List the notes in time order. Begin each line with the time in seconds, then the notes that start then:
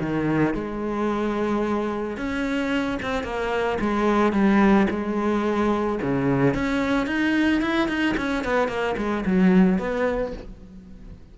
0.00 D#3
0.54 G#3
2.17 C#4
3.02 C4
3.23 A#3
3.80 G#3
4.32 G3
4.90 G#3
6.02 C#3
6.54 C#4
7.07 D#4
7.61 E4
7.88 D#4
8.17 C#4
8.44 B3
8.68 A#3
8.97 G#3
9.26 F#3
9.78 B3